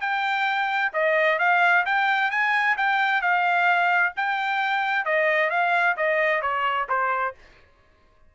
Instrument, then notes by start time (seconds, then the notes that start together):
trumpet
0.00 G5
0.93 D#5
1.39 F5
1.85 G5
2.30 G#5
2.77 G5
3.21 F5
4.16 G5
5.05 D#5
5.50 F5
5.96 D#5
6.41 C#5
6.89 C5